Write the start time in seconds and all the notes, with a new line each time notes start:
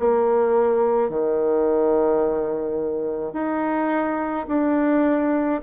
0.00 A#3
1.10 D#3
3.33 D#4
4.48 D4